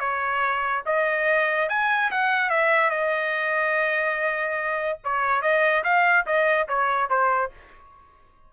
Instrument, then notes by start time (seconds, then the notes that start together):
trumpet
0.00 C#5
0.86 D#5
1.69 G#5
2.11 F#5
2.50 E5
2.90 D#5
5.05 C#5
5.42 D#5
5.84 F5
6.26 D#5
6.68 C#5
7.10 C5